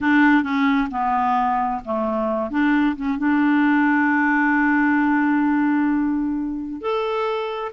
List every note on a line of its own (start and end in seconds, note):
0.00 0.43 D4
0.43 0.88 C#4
0.90 1.81 B3
1.85 2.50 A3
2.50 2.95 D4
2.95 3.18 C#4
3.18 6.81 D4
6.81 7.72 A4